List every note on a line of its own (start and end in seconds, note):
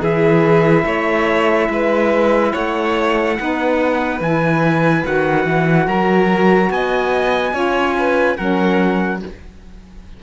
0.00 0.83 E3
0.00 0.85 G#4
0.00 2.53 E5
0.06 3.37 E4
0.85 1.68 A3
0.85 1.69 C#5
1.69 2.52 G#3
1.69 2.52 B4
2.52 3.38 A3
2.52 3.35 C#5
2.52 4.20 F#5
3.37 4.20 B3
3.37 4.21 D#4
3.37 5.86 B4
4.20 5.03 E3
4.20 5.04 E4
4.20 5.04 G#5
5.04 5.45 D#3
5.04 7.52 F#4
5.04 5.87 F#5
5.45 5.86 E3
5.86 6.69 F#3
5.86 6.69 A#4
5.86 6.71 A#5
6.70 7.53 B3
6.70 7.54 D#5
6.70 8.37 G#5
7.52 8.36 C#4
7.52 8.35 F4
7.52 7.95 C#5
7.98 8.36 B4
8.36 9.22 F#3
8.36 9.20 C#4
8.36 9.20 A#4
8.36 9.20 F#5